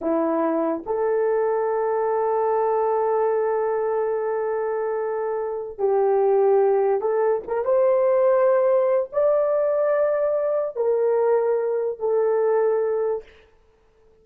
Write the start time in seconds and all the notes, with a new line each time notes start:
0.01 E4
0.86 A4
5.78 G4
7.00 A4
7.47 A#4
7.64 C5
9.12 D5
10.76 A#4
11.99 A4